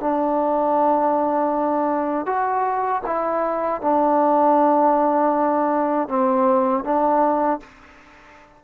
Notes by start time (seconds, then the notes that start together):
0.00 D4
2.26 F#4
3.06 E4
3.81 D4
6.08 C4
6.84 D4